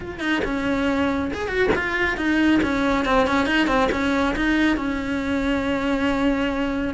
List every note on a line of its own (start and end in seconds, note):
0.00 0.19 F4
0.19 0.41 D#4
0.44 1.31 C#4
1.33 1.47 G#4
1.47 1.69 F#4
1.75 2.17 F4
2.17 2.60 D#4
2.62 3.05 C#4
3.05 3.26 C4
3.26 3.46 C#4
3.46 3.67 D#4
3.67 3.89 C4
3.91 4.35 C#4
4.35 4.76 D#4
4.76 6.94 C#4